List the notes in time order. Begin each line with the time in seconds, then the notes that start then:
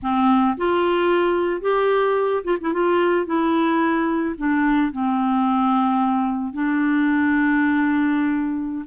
0.02 C4
0.57 F4
1.61 G4
2.43 F4
2.60 E4
2.73 F4
3.26 E4
4.37 D4
4.92 C4
6.53 D4